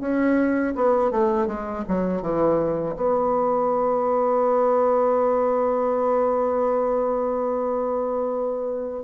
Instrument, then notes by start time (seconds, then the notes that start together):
bassoon
0.00 C#4
0.75 B3
1.11 A3
1.47 G#3
1.88 F#3
2.22 E3
2.96 B3